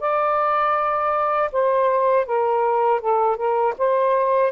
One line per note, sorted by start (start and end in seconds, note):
0.00 1.50 D5
1.52 2.26 C5
2.26 3.00 A#4
3.00 3.36 A4
3.36 3.74 A#4
3.78 4.52 C5